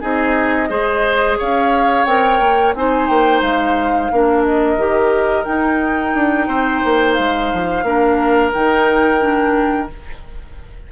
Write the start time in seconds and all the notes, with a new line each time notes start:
0.00 C4 D#4 G#4 D#5
0.69 G#3 G#4 C5
1.38 C#4 C#5 F5
2.05 C4 A#4 G5
2.40 A#3
2.74 C4 D#4 C5 G#5
3.07 A#3 G5
3.41 G#3 F5
4.12 A#3 D4 A#4
4.43 D#5
4.77 D#3 G4
5.44 D#4 G5
6.14 D4
6.47 C4 C5
6.84 A#3
7.14 G#3 F5
7.53 F3
7.83 A#3 D4 A#4
8.53 D#3 D#4 G5
9.20 D4